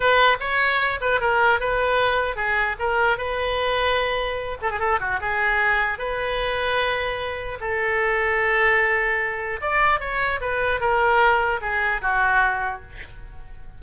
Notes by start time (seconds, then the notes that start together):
0.00 B4
0.39 C#5
1.00 B4
1.20 A#4
1.60 B4
2.36 G#4
2.79 A#4
3.17 B4
4.61 A4
4.70 G#4
4.79 A4
4.99 F#4
5.20 G#4
5.98 B4
7.60 A4
9.61 D5
9.99 C#5
10.40 B4
10.80 A#4
11.61 G#4
12.01 F#4